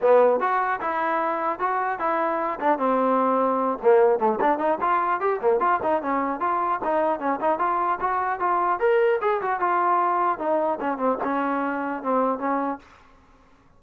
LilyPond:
\new Staff \with { instrumentName = "trombone" } { \time 4/4 \tempo 4 = 150 b4 fis'4 e'2 | fis'4 e'4. d'8 c'4~ | c'4. ais4 a8 d'8 dis'8 | f'4 g'8 ais8 f'8 dis'8 cis'4 |
f'4 dis'4 cis'8 dis'8 f'4 | fis'4 f'4 ais'4 gis'8 fis'8 | f'2 dis'4 cis'8 c'8 | cis'2 c'4 cis'4 | }